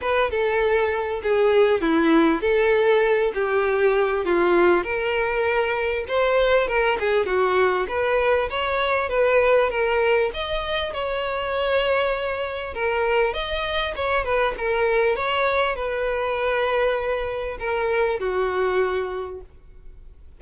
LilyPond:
\new Staff \with { instrumentName = "violin" } { \time 4/4 \tempo 4 = 99 b'8 a'4. gis'4 e'4 | a'4. g'4. f'4 | ais'2 c''4 ais'8 gis'8 | fis'4 b'4 cis''4 b'4 |
ais'4 dis''4 cis''2~ | cis''4 ais'4 dis''4 cis''8 b'8 | ais'4 cis''4 b'2~ | b'4 ais'4 fis'2 | }